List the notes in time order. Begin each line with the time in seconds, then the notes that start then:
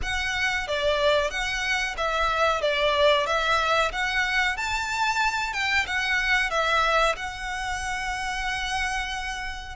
0.02 F#5
0.67 D5
1.30 F#5
1.97 E5
2.61 D5
3.26 E5
3.92 F#5
4.57 A5
5.53 G5
5.87 F#5
6.50 E5
7.16 F#5